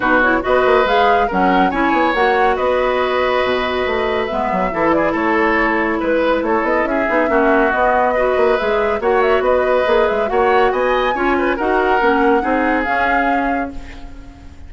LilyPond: <<
  \new Staff \with { instrumentName = "flute" } { \time 4/4 \tempo 4 = 140 b'8 cis''8 dis''4 f''4 fis''4 | gis''4 fis''4 dis''2~ | dis''2 e''4. d''8 | cis''2 b'4 cis''8 dis''8 |
e''2 dis''2 | e''4 fis''8 e''8 dis''4. e''8 | fis''4 gis''2 fis''4~ | fis''2 f''2 | }
  \new Staff \with { instrumentName = "oboe" } { \time 4/4 fis'4 b'2 ais'4 | cis''2 b'2~ | b'2. a'8 gis'8 | a'2 b'4 a'4 |
gis'4 fis'2 b'4~ | b'4 cis''4 b'2 | cis''4 dis''4 cis''8 b'8 ais'4~ | ais'4 gis'2. | }
  \new Staff \with { instrumentName = "clarinet" } { \time 4/4 dis'8 e'8 fis'4 gis'4 cis'4 | e'4 fis'2.~ | fis'2 b4 e'4~ | e'1~ |
e'8 dis'8 cis'4 b4 fis'4 | gis'4 fis'2 gis'4 | fis'2 f'4 fis'4 | cis'4 dis'4 cis'2 | }
  \new Staff \with { instrumentName = "bassoon" } { \time 4/4 b,4 b8 ais8 gis4 fis4 | cis'8 b8 ais4 b2 | b,4 a4 gis8 fis8 e4 | a2 gis4 a8 b8 |
cis'8 b8 ais4 b4. ais8 | gis4 ais4 b4 ais8 gis8 | ais4 b4 cis'4 dis'4 | ais4 c'4 cis'2 | }
>>